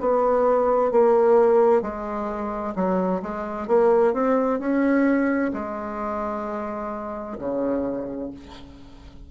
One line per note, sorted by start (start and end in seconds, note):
0.00 0.91 B3
0.91 1.82 A#3
1.82 2.74 G#3
2.75 3.21 F#3
3.22 3.67 G#3
3.67 4.13 A#3
4.13 4.59 C4
4.59 5.51 C#4
5.53 7.38 G#3
7.38 8.30 C#3